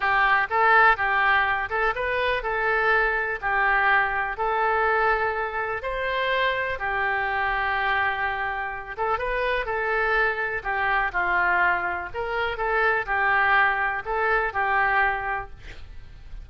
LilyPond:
\new Staff \with { instrumentName = "oboe" } { \time 4/4 \tempo 4 = 124 g'4 a'4 g'4. a'8 | b'4 a'2 g'4~ | g'4 a'2. | c''2 g'2~ |
g'2~ g'8 a'8 b'4 | a'2 g'4 f'4~ | f'4 ais'4 a'4 g'4~ | g'4 a'4 g'2 | }